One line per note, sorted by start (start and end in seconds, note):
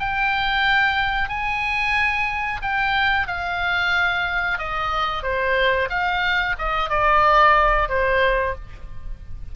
0.00 1.29 G5
1.29 2.61 G#5
2.62 3.28 G5
3.28 4.59 F5
4.59 5.23 D#5
5.23 5.89 C5
5.90 6.56 F5
6.59 6.90 D#5
6.90 7.89 D5
7.89 8.55 C5